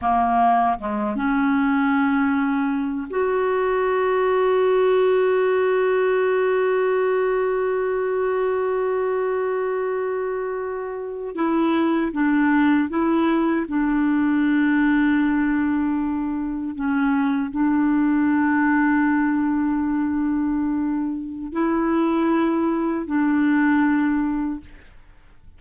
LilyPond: \new Staff \with { instrumentName = "clarinet" } { \time 4/4 \tempo 4 = 78 ais4 gis8 cis'2~ cis'8 | fis'1~ | fis'1~ | fis'2~ fis'8. e'4 d'16~ |
d'8. e'4 d'2~ d'16~ | d'4.~ d'16 cis'4 d'4~ d'16~ | d'1 | e'2 d'2 | }